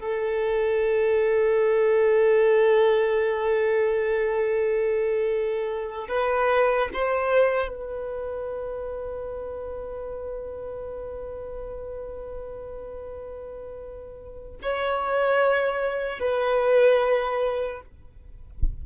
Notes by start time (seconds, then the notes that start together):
0.00 A4
6.08 B4
6.94 C5
7.68 B4
14.62 C#5
16.19 B4